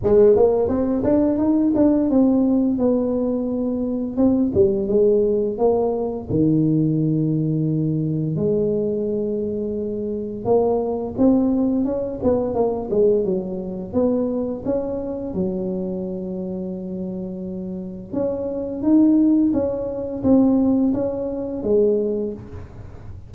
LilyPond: \new Staff \with { instrumentName = "tuba" } { \time 4/4 \tempo 4 = 86 gis8 ais8 c'8 d'8 dis'8 d'8 c'4 | b2 c'8 g8 gis4 | ais4 dis2. | gis2. ais4 |
c'4 cis'8 b8 ais8 gis8 fis4 | b4 cis'4 fis2~ | fis2 cis'4 dis'4 | cis'4 c'4 cis'4 gis4 | }